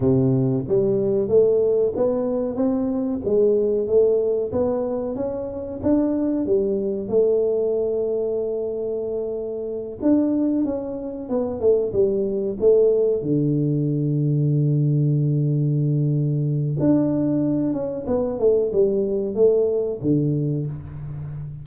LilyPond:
\new Staff \with { instrumentName = "tuba" } { \time 4/4 \tempo 4 = 93 c4 g4 a4 b4 | c'4 gis4 a4 b4 | cis'4 d'4 g4 a4~ | a2.~ a8 d'8~ |
d'8 cis'4 b8 a8 g4 a8~ | a8 d2.~ d8~ | d2 d'4. cis'8 | b8 a8 g4 a4 d4 | }